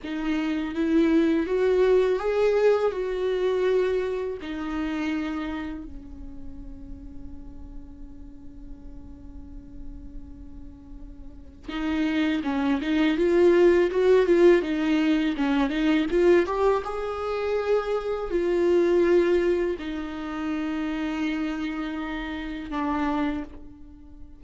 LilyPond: \new Staff \with { instrumentName = "viola" } { \time 4/4 \tempo 4 = 82 dis'4 e'4 fis'4 gis'4 | fis'2 dis'2 | cis'1~ | cis'1 |
dis'4 cis'8 dis'8 f'4 fis'8 f'8 | dis'4 cis'8 dis'8 f'8 g'8 gis'4~ | gis'4 f'2 dis'4~ | dis'2. d'4 | }